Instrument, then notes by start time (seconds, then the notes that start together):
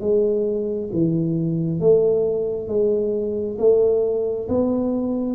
tuba
0.00 G#3
0.92 E3
1.80 A3
2.68 G#3
3.59 A3
4.49 B3